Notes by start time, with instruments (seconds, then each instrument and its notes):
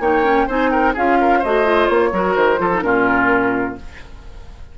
0.00 bassoon A#3, clarinet D#4, oboe C#5, flute G5
0.25 clarinet C#4
0.47 bassoon C4, clarinet D#4, oboe C5, flute G#5
0.71 oboe A#4, flute G5
0.94 bassoon C#4, clarinet F4, oboe G#4, flute F5
1.21 oboe A#4
1.39 bassoon A3, clarinet F#4, oboe C5, flute D#5
1.65 clarinet F4
1.88 bassoon A#3, flute C#5
2.13 bassoon F#3, clarinet F#4, oboe A#4
2.35 bassoon D#3, flute C5
2.58 bassoon F3, clarinet F4, oboe A4
2.73 clarinet D#4
2.82 bassoon A#2, clarinet C#4, oboe F4, flute A#4